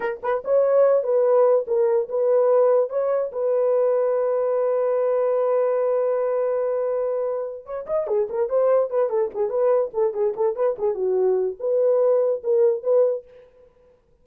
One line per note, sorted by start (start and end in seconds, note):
0.00 0.20 A#4
0.23 0.43 B4
0.44 1.03 C#5
1.03 1.65 B4
1.67 2.08 A#4
2.08 2.89 B4
2.89 3.31 C#5
3.32 7.65 B4
7.65 7.86 C#5
7.86 8.07 D#5
8.07 8.28 G#4
8.29 8.49 A#4
8.49 8.90 C5
8.90 9.09 B4
9.09 9.30 A4
9.34 9.49 G#4
9.49 9.91 B4
9.93 10.13 A4
10.13 10.34 G#4
10.36 10.55 A4
10.55 10.76 B4
10.78 10.94 G#4
10.94 11.56 F#4
11.59 12.42 B4
12.43 12.83 A#4
12.83 13.24 B4